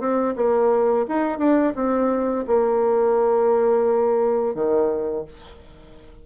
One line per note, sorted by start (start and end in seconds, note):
0.00 0.35 C4
0.36 1.06 A#3
1.09 1.39 D#4
1.39 1.74 D4
1.76 2.45 C4
2.47 4.55 A#3
4.55 5.25 D#3